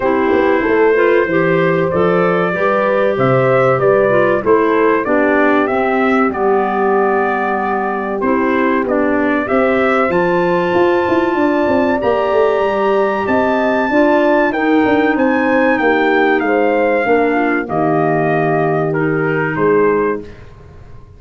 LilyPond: <<
  \new Staff \with { instrumentName = "trumpet" } { \time 4/4 \tempo 4 = 95 c''2. d''4~ | d''4 e''4 d''4 c''4 | d''4 e''4 d''2~ | d''4 c''4 d''4 e''4 |
a''2. ais''4~ | ais''4 a''2 g''4 | gis''4 g''4 f''2 | dis''2 ais'4 c''4 | }
  \new Staff \with { instrumentName = "horn" } { \time 4/4 g'4 a'8 b'8 c''2 | b'4 c''4 b'4 a'4 | g'1~ | g'2. c''4~ |
c''2 d''2~ | d''4 dis''4 d''4 ais'4 | c''4 g'4 c''4 ais'8 f'8 | g'2. gis'4 | }
  \new Staff \with { instrumentName = "clarinet" } { \time 4/4 e'4. f'8 g'4 a'4 | g'2~ g'8 f'8 e'4 | d'4 c'4 b2~ | b4 e'4 d'4 g'4 |
f'2. g'4~ | g'2 f'4 dis'4~ | dis'2. d'4 | ais2 dis'2 | }
  \new Staff \with { instrumentName = "tuba" } { \time 4/4 c'8 b8 a4 e4 f4 | g4 c4 g4 a4 | b4 c'4 g2~ | g4 c'4 b4 c'4 |
f4 f'8 e'8 d'8 c'8 ais8 a8 | g4 c'4 d'4 dis'8 d'8 | c'4 ais4 gis4 ais4 | dis2. gis4 | }
>>